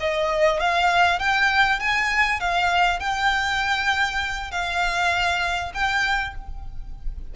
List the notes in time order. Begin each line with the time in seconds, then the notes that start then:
0.00 D#5
0.60 F5
1.20 G5
1.80 G#5
2.40 F5
3.00 G5
4.52 F5
5.74 G5